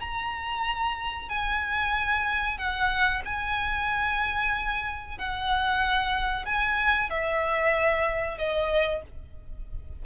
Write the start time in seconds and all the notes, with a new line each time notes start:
0.00 A#5
1.29 G#5
2.57 F#5
3.25 G#5
5.18 F#5
6.45 G#5
7.10 E5
8.37 D#5